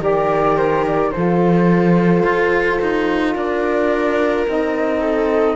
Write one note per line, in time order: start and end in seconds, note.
0.00 1.11 D#3
0.00 1.11 G4
0.00 1.12 A#4
0.00 0.57 D5
0.57 0.84 C5
0.86 1.11 D5
1.11 2.23 F3
1.11 4.47 F4
1.11 3.34 A4
1.11 3.33 C5
2.23 2.78 F4
2.81 3.35 D#4
3.34 4.46 D4
3.34 5.01 A#4
3.34 4.46 D5
4.47 5.56 C4
4.47 5.56 D#4
4.47 5.56 D#5
5.01 5.56 A4